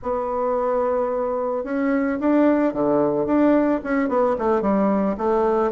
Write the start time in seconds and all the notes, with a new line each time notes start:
0.02 B3
1.64 C#4
2.20 D4
2.73 D3
3.26 D4
3.83 C#4
4.08 B3
4.38 A3
4.61 G3
5.17 A3